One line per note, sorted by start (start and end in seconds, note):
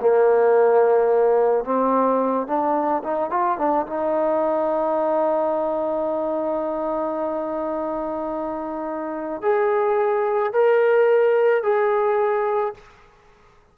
0.00 1.64 A#3
1.64 2.47 C4
2.47 3.02 D4
3.03 3.30 D#4
3.30 3.58 F4
3.58 3.86 D4
3.86 9.41 D#4
9.41 10.53 G#4
10.53 11.62 A#4
11.62 12.73 G#4